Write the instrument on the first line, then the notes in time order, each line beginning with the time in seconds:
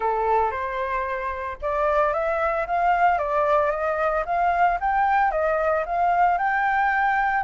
flute
0.00 A4
0.51 C5
1.61 D5
2.13 E5
2.67 F5
3.18 D5
3.70 D#5
4.25 F5
4.80 G5
5.31 D#5
5.86 F5
6.38 G5